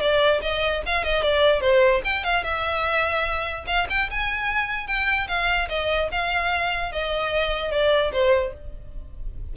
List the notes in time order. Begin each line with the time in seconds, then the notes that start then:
0.00 D5
0.41 D#5
0.86 F5
1.04 D#5
1.22 D5
1.61 C5
2.04 G5
2.24 F5
2.43 E5
3.67 F5
3.89 G5
4.10 G#5
4.87 G5
5.28 F5
5.68 D#5
6.11 F5
6.92 D#5
7.71 D5
8.12 C5